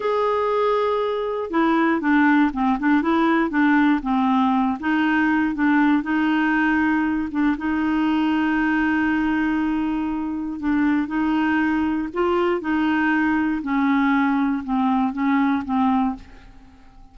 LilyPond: \new Staff \with { instrumentName = "clarinet" } { \time 4/4 \tempo 4 = 119 gis'2. e'4 | d'4 c'8 d'8 e'4 d'4 | c'4. dis'4. d'4 | dis'2~ dis'8 d'8 dis'4~ |
dis'1~ | dis'4 d'4 dis'2 | f'4 dis'2 cis'4~ | cis'4 c'4 cis'4 c'4 | }